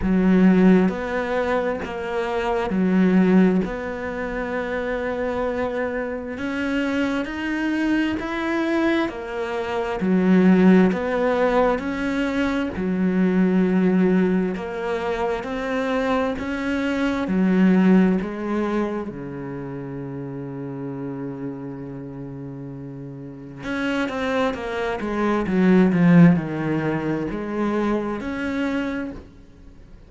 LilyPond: \new Staff \with { instrumentName = "cello" } { \time 4/4 \tempo 4 = 66 fis4 b4 ais4 fis4 | b2. cis'4 | dis'4 e'4 ais4 fis4 | b4 cis'4 fis2 |
ais4 c'4 cis'4 fis4 | gis4 cis2.~ | cis2 cis'8 c'8 ais8 gis8 | fis8 f8 dis4 gis4 cis'4 | }